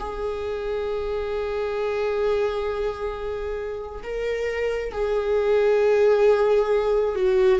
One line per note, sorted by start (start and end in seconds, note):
0.00 4.03 G#4
4.04 4.93 A#4
4.93 7.16 G#4
7.16 7.60 F#4